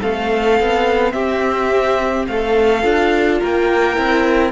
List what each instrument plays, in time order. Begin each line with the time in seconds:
0.00 cello A3, viola C4, violin A4 F5
0.60 cello B3
1.13 cello C4, violin G4 E5
2.28 cello A3, violin A4 F5
2.83 cello D4, viola F4
3.40 cello A#3, violin A#4 G5
3.96 cello C4, viola E4